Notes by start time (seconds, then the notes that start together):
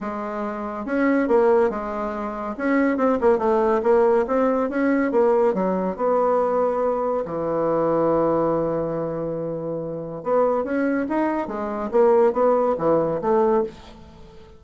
0.00 G#3
0.85 C#4
1.28 A#3
1.69 G#3
2.57 C#4
2.97 C4
3.21 A#3
3.38 A3
3.83 A#3
4.27 C4
4.69 C#4
5.11 A#3
5.53 F#3
5.96 B3
7.25 E3
10.23 B3
10.64 C#4
11.08 D#4
11.47 G#3
11.91 A#3
12.32 B3
12.78 E3
13.21 A3